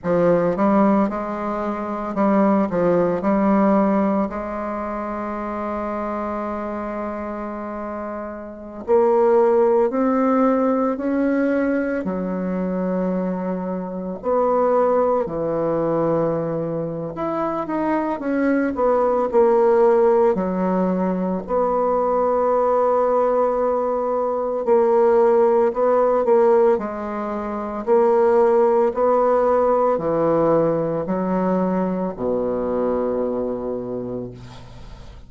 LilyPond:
\new Staff \with { instrumentName = "bassoon" } { \time 4/4 \tempo 4 = 56 f8 g8 gis4 g8 f8 g4 | gis1~ | gis16 ais4 c'4 cis'4 fis8.~ | fis4~ fis16 b4 e4.~ e16 |
e'8 dis'8 cis'8 b8 ais4 fis4 | b2. ais4 | b8 ais8 gis4 ais4 b4 | e4 fis4 b,2 | }